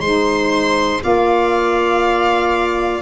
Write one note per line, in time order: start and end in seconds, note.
0.00 1.00 G#3
0.00 1.01 D#4
0.00 1.02 C5
0.00 1.01 C6
1.01 3.02 A#3
1.01 3.01 F4
1.01 3.02 D5
1.01 3.02 F5